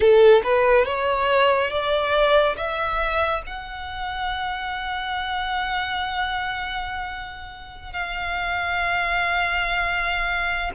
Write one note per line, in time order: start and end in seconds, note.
0.00 0.42 A4
0.43 0.85 B4
0.85 1.70 C#5
1.70 2.56 D5
2.56 3.42 E5
3.46 7.92 F#5
7.92 10.71 F5